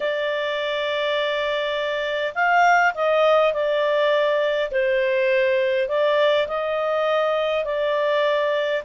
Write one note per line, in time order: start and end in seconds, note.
0.00 2.33 D5
2.34 2.93 F5
2.94 3.53 D#5
3.53 4.71 D5
4.71 5.88 C5
5.88 6.47 D5
6.47 7.65 D#5
7.65 8.82 D5